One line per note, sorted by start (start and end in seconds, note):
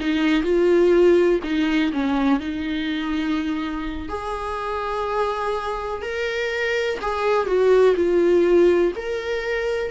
0.00 0.43 D#4
0.43 1.40 F4
1.43 1.92 D#4
1.92 2.40 C#4
2.40 4.09 D#4
4.09 6.02 G#4
6.02 6.99 A#4
7.01 7.46 G#4
7.46 7.94 F#4
7.95 8.92 F4
8.96 9.91 A#4